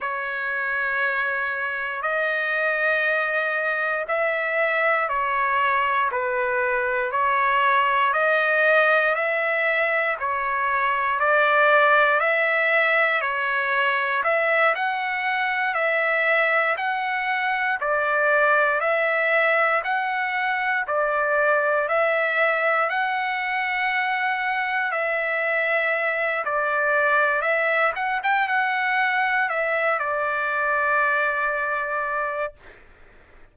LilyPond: \new Staff \with { instrumentName = "trumpet" } { \time 4/4 \tempo 4 = 59 cis''2 dis''2 | e''4 cis''4 b'4 cis''4 | dis''4 e''4 cis''4 d''4 | e''4 cis''4 e''8 fis''4 e''8~ |
e''8 fis''4 d''4 e''4 fis''8~ | fis''8 d''4 e''4 fis''4.~ | fis''8 e''4. d''4 e''8 fis''16 g''16 | fis''4 e''8 d''2~ d''8 | }